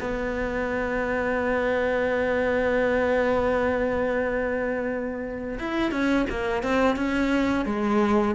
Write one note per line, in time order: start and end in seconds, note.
0.00 5.58 B3
5.59 5.91 E4
5.91 6.26 C#4
6.29 6.63 A#3
6.63 6.96 C4
6.96 7.65 C#4
7.65 8.35 G#3